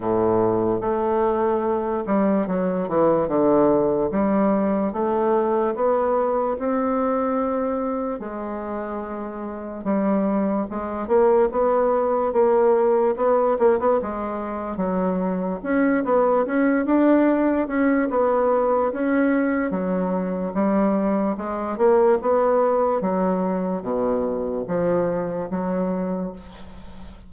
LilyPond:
\new Staff \with { instrumentName = "bassoon" } { \time 4/4 \tempo 4 = 73 a,4 a4. g8 fis8 e8 | d4 g4 a4 b4 | c'2 gis2 | g4 gis8 ais8 b4 ais4 |
b8 ais16 b16 gis4 fis4 cis'8 b8 | cis'8 d'4 cis'8 b4 cis'4 | fis4 g4 gis8 ais8 b4 | fis4 b,4 f4 fis4 | }